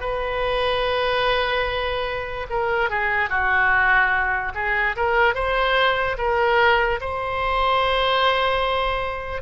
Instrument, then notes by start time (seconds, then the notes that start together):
oboe
0.00 B4
2.50 A#4
2.90 G#4
3.29 F#4
4.55 G#4
4.96 A#4
5.34 C5
6.18 A#4
7.00 C5